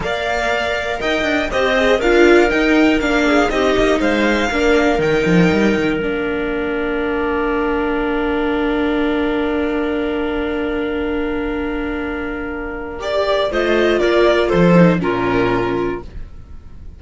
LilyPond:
<<
  \new Staff \with { instrumentName = "violin" } { \time 4/4 \tempo 4 = 120 f''2 g''4 dis''4 | f''4 g''4 f''4 dis''4 | f''2 g''2 | f''1~ |
f''1~ | f''1~ | f''2 d''4 dis''4 | d''4 c''4 ais'2 | }
  \new Staff \with { instrumentName = "clarinet" } { \time 4/4 d''2 dis''4 c''4 | ais'2~ ais'8 gis'8 g'4 | c''4 ais'2.~ | ais'1~ |
ais'1~ | ais'1~ | ais'2. c''4 | ais'4 a'4 f'2 | }
  \new Staff \with { instrumentName = "viola" } { \time 4/4 ais'2. g'8 gis'8 | f'4 dis'4 d'4 dis'4~ | dis'4 d'4 dis'2 | d'1~ |
d'1~ | d'1~ | d'2 g'4 f'4~ | f'4. dis'8 cis'2 | }
  \new Staff \with { instrumentName = "cello" } { \time 4/4 ais2 dis'8 d'8 c'4 | d'4 dis'4 ais4 c'8 ais8 | gis4 ais4 dis8 f8 g8 dis8 | ais1~ |
ais1~ | ais1~ | ais2. a4 | ais4 f4 ais,2 | }
>>